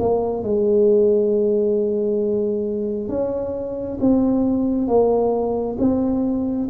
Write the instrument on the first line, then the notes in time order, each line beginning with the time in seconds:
tuba
0.00 A#3
0.43 G#3
3.09 C#4
4.01 C4
4.88 A#3
5.79 C4